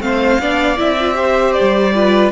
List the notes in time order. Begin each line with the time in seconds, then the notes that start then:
0.00 A3 C4 C5 F5
0.40 B3 D4 D5
0.77 C4 E4 E5
1.00 F4
1.13 G4 C5
1.53 D5
1.60 G3
1.94 F4 B4